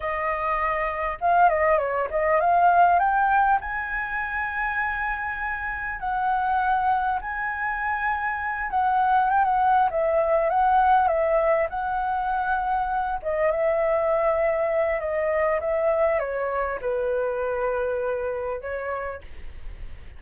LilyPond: \new Staff \with { instrumentName = "flute" } { \time 4/4 \tempo 4 = 100 dis''2 f''8 dis''8 cis''8 dis''8 | f''4 g''4 gis''2~ | gis''2 fis''2 | gis''2~ gis''8 fis''4 g''16 fis''16~ |
fis''8 e''4 fis''4 e''4 fis''8~ | fis''2 dis''8 e''4.~ | e''4 dis''4 e''4 cis''4 | b'2. cis''4 | }